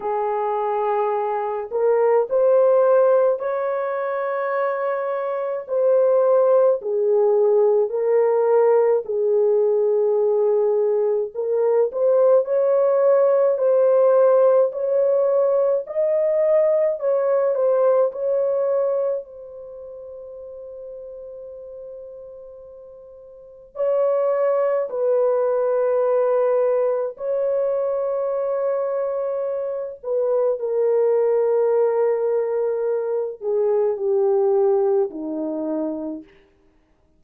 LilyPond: \new Staff \with { instrumentName = "horn" } { \time 4/4 \tempo 4 = 53 gis'4. ais'8 c''4 cis''4~ | cis''4 c''4 gis'4 ais'4 | gis'2 ais'8 c''8 cis''4 | c''4 cis''4 dis''4 cis''8 c''8 |
cis''4 c''2.~ | c''4 cis''4 b'2 | cis''2~ cis''8 b'8 ais'4~ | ais'4. gis'8 g'4 dis'4 | }